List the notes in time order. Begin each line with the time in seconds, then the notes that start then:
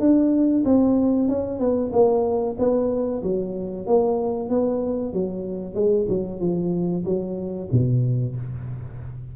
0.00 D4
0.65 C4
1.29 C#4
1.59 B3
1.93 A#3
2.59 B3
3.23 F#3
3.87 A#3
4.50 B3
5.13 F#3
5.75 G#3
6.09 F#3
6.41 F3
7.05 F#3
7.72 B2